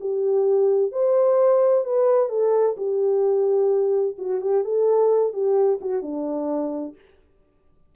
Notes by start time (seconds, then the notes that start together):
0.00 G4
0.91 C5
1.84 B4
2.29 A4
2.77 G4
4.18 F#4
4.41 G4
4.64 A4
5.33 G4
5.81 F#4
6.02 D4